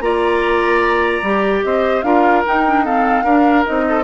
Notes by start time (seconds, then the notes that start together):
0.00 A#3 F4 D5 A#5
1.22 G3 G4
1.63 C4 C5 D#5
2.02 D4 F4 A#4 F5
2.45 D#4 G5
2.66 D4
2.84 C4 A4 F5
3.24 D4 A#4
3.65 C4 D#4 D#5
3.88 A4